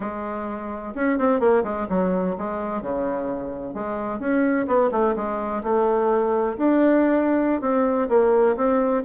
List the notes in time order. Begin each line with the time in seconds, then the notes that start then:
0.00 G#3
0.95 C#4
1.18 C4
1.39 A#3
1.63 G#3
1.89 F#3
2.38 G#3
2.82 C#3
3.74 G#3
4.19 C#4
4.67 B3
4.91 A3
5.16 G#3
5.63 A3
6.57 D4
7.61 C4
8.09 A#3
8.56 C4